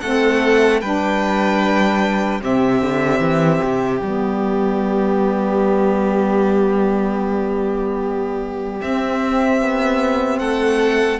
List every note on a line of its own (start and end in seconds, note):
0.00 0.82 A3
0.00 0.82 C4
0.00 0.80 A4
0.00 0.80 F#5
0.80 2.42 G3
0.80 2.41 D4
0.80 2.40 B4
0.80 2.41 G5
2.41 2.81 C3
2.41 4.00 C4
2.41 10.39 G4
2.41 4.02 E5
2.81 3.19 D3
3.19 3.59 E3
3.63 4.01 C3
4.01 8.81 G3
4.01 8.81 B3
4.01 8.81 D5
8.81 11.20 C4
8.81 9.61 C4
8.81 10.39 E5
9.61 10.40 B3
10.39 11.20 A3
10.39 11.19 A4
10.39 11.19 F#5